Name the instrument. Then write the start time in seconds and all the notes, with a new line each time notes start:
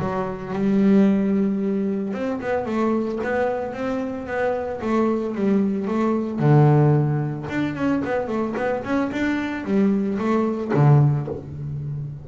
double bass
0.00 F#3
0.54 G3
2.14 C4
2.41 B3
2.66 A3
3.24 B3
3.74 C4
4.27 B3
4.81 A3
5.35 G3
5.88 A3
6.39 D3
7.50 D4
7.76 C#4
8.05 B3
8.28 A3
8.57 B3
8.84 C#4
9.12 D4
9.65 G3
10.19 A3
10.74 D3